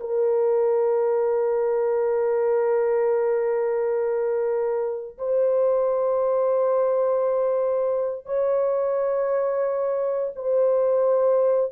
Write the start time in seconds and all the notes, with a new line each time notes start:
0.00 A#4
5.18 C5
8.25 C#5
10.35 C5